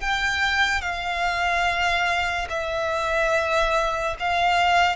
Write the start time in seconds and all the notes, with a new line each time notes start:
0.00 G5
0.81 F5
2.50 E5
4.19 F5